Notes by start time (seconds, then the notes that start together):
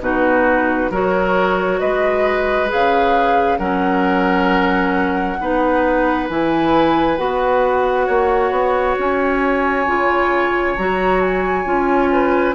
0.00 B2 D#4 F#4 B4
0.90 F#3 F#4 A#4 C#5
1.79 G#3 B4 D#5
2.68 C#3 G#4 F5
3.58 F#3 C#4 A#4 F#5
5.40 B3 D#4 B4
6.29 E3 E4 G#5
7.17 B3 F#4 F#5
8.06 A#3 C#5
8.51 B3
8.99 C#4 G#5
9.86 C#3 F4
10.77 F#3 F#4 A#5
11.21 G#5
11.64 C#4 F4
12.12 B4